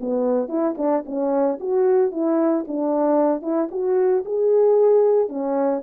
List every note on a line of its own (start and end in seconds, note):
0.00 0.48 B3
0.48 0.75 E4
0.77 1.04 D4
1.05 1.58 C#4
1.60 2.11 F#4
2.11 2.64 E4
2.67 3.42 D4
3.42 3.68 E4
3.71 4.24 F#4
4.25 5.29 G#4
5.29 5.82 C#4